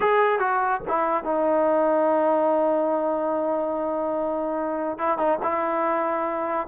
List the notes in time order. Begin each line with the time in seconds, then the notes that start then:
0.00 G#4
0.39 F#4
0.87 E4
1.24 D#4
4.98 E4
5.18 D#4
5.42 E4